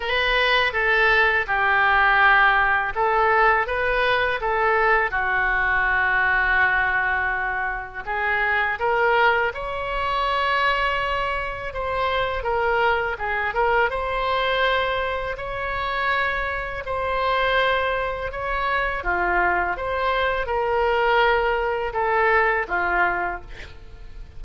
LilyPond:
\new Staff \with { instrumentName = "oboe" } { \time 4/4 \tempo 4 = 82 b'4 a'4 g'2 | a'4 b'4 a'4 fis'4~ | fis'2. gis'4 | ais'4 cis''2. |
c''4 ais'4 gis'8 ais'8 c''4~ | c''4 cis''2 c''4~ | c''4 cis''4 f'4 c''4 | ais'2 a'4 f'4 | }